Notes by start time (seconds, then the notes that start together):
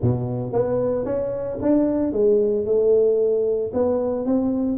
0.01 B2
0.52 B3
1.05 C#4
1.61 D4
2.12 G#3
2.65 A3
3.73 B3
4.25 C4